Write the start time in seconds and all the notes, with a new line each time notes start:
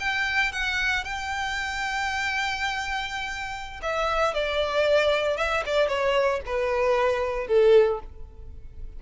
0.00 G5
0.52 F#5
1.05 G5
3.83 E5
4.34 D5
5.37 E5
5.66 D5
5.88 C#5
6.46 B4
7.48 A4